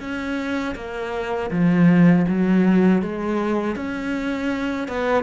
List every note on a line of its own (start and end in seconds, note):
0.00 0.75 C#4
0.75 1.50 A#3
1.51 2.26 F3
2.28 3.02 F#3
3.02 3.76 G#3
3.76 4.88 C#4
4.88 5.23 B3